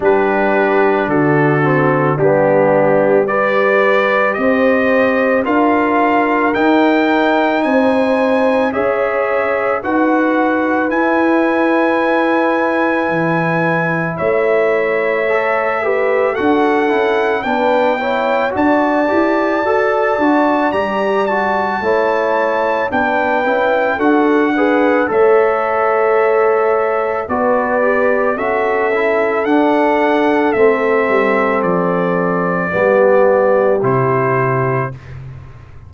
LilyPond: <<
  \new Staff \with { instrumentName = "trumpet" } { \time 4/4 \tempo 4 = 55 b'4 a'4 g'4 d''4 | dis''4 f''4 g''4 gis''4 | e''4 fis''4 gis''2~ | gis''4 e''2 fis''4 |
g''4 a''2 ais''8 a''8~ | a''4 g''4 fis''4 e''4~ | e''4 d''4 e''4 fis''4 | e''4 d''2 c''4 | }
  \new Staff \with { instrumentName = "horn" } { \time 4/4 g'4 fis'4 d'4 b'4 | c''4 ais'2 c''4 | cis''4 b'2.~ | b'4 cis''4. b'8 a'4 |
b'8 cis''8 d''2. | cis''4 b'4 a'8 b'8 cis''4~ | cis''4 b'4 a'2~ | a'2 g'2 | }
  \new Staff \with { instrumentName = "trombone" } { \time 4/4 d'4. c'8 b4 g'4~ | g'4 f'4 dis'2 | gis'4 fis'4 e'2~ | e'2 a'8 g'8 fis'8 e'8 |
d'8 e'8 fis'8 g'8 a'8 fis'8 g'8 fis'8 | e'4 d'8 e'8 fis'8 gis'8 a'4~ | a'4 fis'8 g'8 fis'8 e'8 d'4 | c'2 b4 e'4 | }
  \new Staff \with { instrumentName = "tuba" } { \time 4/4 g4 d4 g2 | c'4 d'4 dis'4 c'4 | cis'4 dis'4 e'2 | e4 a2 d'8 cis'8 |
b4 d'8 e'8 fis'8 d'8 g4 | a4 b8 cis'8 d'4 a4~ | a4 b4 cis'4 d'4 | a8 g8 f4 g4 c4 | }
>>